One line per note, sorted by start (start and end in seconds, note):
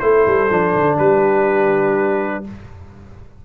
0.00 0.26 A3
0.00 0.49 E4
0.00 0.97 A4
0.00 0.98 C5
0.27 0.51 G3
0.49 0.75 F3
0.49 2.44 D4
0.75 0.99 D3
0.97 2.45 G3
0.97 2.43 G4
0.97 2.45 B4